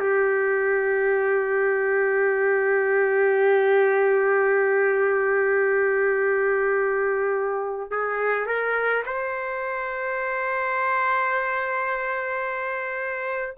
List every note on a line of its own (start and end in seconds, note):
0.00 7.91 G4
7.91 8.47 G#4
8.47 9.04 A#4
9.06 13.58 C5